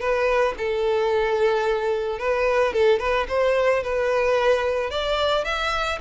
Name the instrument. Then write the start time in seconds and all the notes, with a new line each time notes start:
violin
0.00 B4
0.58 A4
2.19 B4
2.73 A4
3.00 B4
3.29 C5
3.84 B4
4.91 D5
5.44 E5